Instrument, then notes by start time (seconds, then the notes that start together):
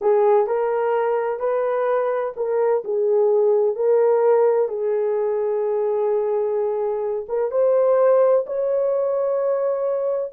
horn
0.01 G#4
0.46 A#4
1.39 B4
2.36 A#4
2.84 G#4
3.75 A#4
4.68 G#4
7.28 A#4
7.51 C5
8.46 C#5